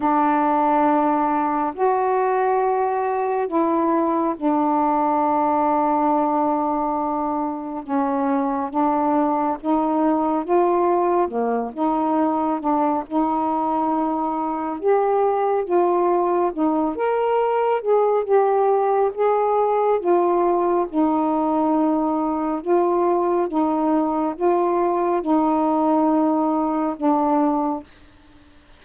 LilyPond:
\new Staff \with { instrumentName = "saxophone" } { \time 4/4 \tempo 4 = 69 d'2 fis'2 | e'4 d'2.~ | d'4 cis'4 d'4 dis'4 | f'4 ais8 dis'4 d'8 dis'4~ |
dis'4 g'4 f'4 dis'8 ais'8~ | ais'8 gis'8 g'4 gis'4 f'4 | dis'2 f'4 dis'4 | f'4 dis'2 d'4 | }